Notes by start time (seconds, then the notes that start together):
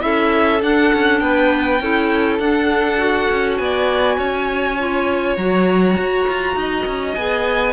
0.00 C#4 E4 A4 E5
0.62 D4 F#5
0.94 C#4
1.20 B3 B4 G5
1.80 C#4 E4 A4
2.40 D4 F#5
2.98 F#4
3.31 C#4
3.57 B3 D5 G#5
4.17 C#4 C#5
4.79 F4
5.37 F#3 F#4 A#5
5.98 F#4
6.29 F4
6.56 D#4 D#5
6.86 C#4
7.14 B3 G#4 G#5